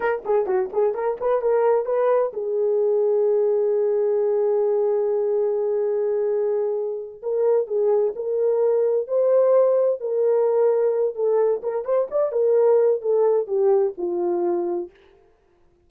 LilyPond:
\new Staff \with { instrumentName = "horn" } { \time 4/4 \tempo 4 = 129 ais'8 gis'8 fis'8 gis'8 ais'8 b'8 ais'4 | b'4 gis'2.~ | gis'1~ | gis'2.~ gis'8 ais'8~ |
ais'8 gis'4 ais'2 c''8~ | c''4. ais'2~ ais'8 | a'4 ais'8 c''8 d''8 ais'4. | a'4 g'4 f'2 | }